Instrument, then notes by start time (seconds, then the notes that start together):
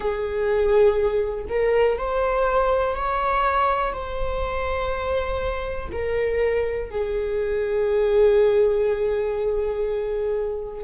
viola
0.00 G#4
1.48 A#4
1.98 C5
2.95 C#5
3.92 C5
5.92 A#4
6.90 G#4